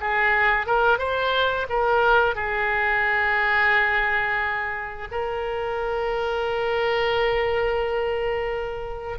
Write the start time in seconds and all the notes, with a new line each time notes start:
0.00 G#4
0.66 A#4
0.99 C5
1.69 A#4
2.35 G#4
5.11 A#4